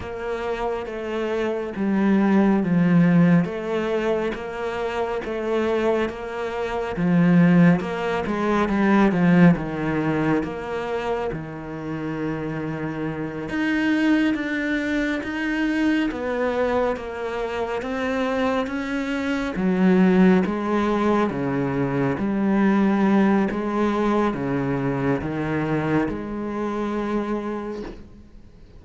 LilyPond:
\new Staff \with { instrumentName = "cello" } { \time 4/4 \tempo 4 = 69 ais4 a4 g4 f4 | a4 ais4 a4 ais4 | f4 ais8 gis8 g8 f8 dis4 | ais4 dis2~ dis8 dis'8~ |
dis'8 d'4 dis'4 b4 ais8~ | ais8 c'4 cis'4 fis4 gis8~ | gis8 cis4 g4. gis4 | cis4 dis4 gis2 | }